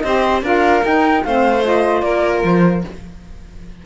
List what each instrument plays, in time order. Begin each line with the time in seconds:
0.00 cello C4, saxophone G4, violin C5, flute D#5
0.43 cello D4, saxophone F4, violin A#4, flute F5
0.84 cello D#4, saxophone D#4, flute G5
1.24 cello A3, saxophone C4, violin C5, flute F5
1.64 saxophone F4, flute D#5
2.02 cello A#3, violin A#4, flute D5
2.44 cello F3, flute C5